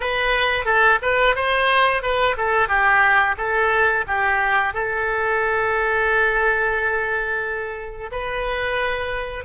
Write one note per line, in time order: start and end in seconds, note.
0.00 0.65 B4
0.65 0.98 A4
1.02 1.35 B4
1.35 2.02 C5
2.02 2.36 B4
2.37 2.68 A4
2.68 3.35 G4
3.37 4.04 A4
4.07 4.73 G4
4.73 8.10 A4
8.11 9.44 B4